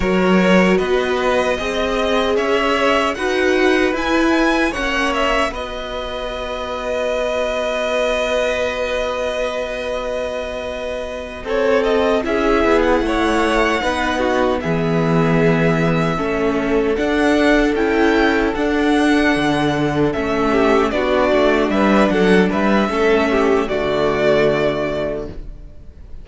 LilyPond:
<<
  \new Staff \with { instrumentName = "violin" } { \time 4/4 \tempo 4 = 76 cis''4 dis''2 e''4 | fis''4 gis''4 fis''8 e''8 dis''4~ | dis''1~ | dis''2~ dis''8 cis''8 dis''8 e''8~ |
e''16 fis''2~ fis''16 e''4.~ | e''4. fis''4 g''4 fis''8~ | fis''4. e''4 d''4 e''8 | fis''8 e''4. d''2 | }
  \new Staff \with { instrumentName = "violin" } { \time 4/4 ais'4 b'4 dis''4 cis''4 | b'2 cis''4 b'4~ | b'1~ | b'2~ b'8 a'4 gis'8~ |
gis'8 cis''4 b'8 fis'8 gis'4.~ | gis'8 a'2.~ a'8~ | a'2 g'8 fis'4 b'8 | a'8 b'8 a'8 g'8 fis'2 | }
  \new Staff \with { instrumentName = "viola" } { \time 4/4 fis'2 gis'2 | fis'4 e'4 cis'4 fis'4~ | fis'1~ | fis'2.~ fis'8 e'8~ |
e'4. dis'4 b4.~ | b8 cis'4 d'4 e'4 d'8~ | d'4. cis'4 d'4.~ | d'4 cis'4 a2 | }
  \new Staff \with { instrumentName = "cello" } { \time 4/4 fis4 b4 c'4 cis'4 | dis'4 e'4 ais4 b4~ | b1~ | b2~ b8 c'4 cis'8 |
b8 a4 b4 e4.~ | e8 a4 d'4 cis'4 d'8~ | d'8 d4 a4 b8 a8 g8 | fis8 g8 a4 d2 | }
>>